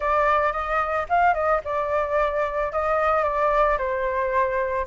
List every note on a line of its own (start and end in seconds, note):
0.00 0.52 D5
0.52 1.06 D#5
1.09 1.33 F5
1.33 1.60 D#5
1.64 2.72 D5
2.72 3.23 D#5
3.23 3.77 D5
3.77 4.86 C5